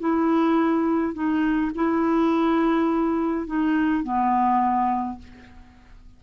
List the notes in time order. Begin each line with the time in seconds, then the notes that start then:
0.00 E4
1.14 D#4
1.75 E4
3.47 D#4
4.04 B3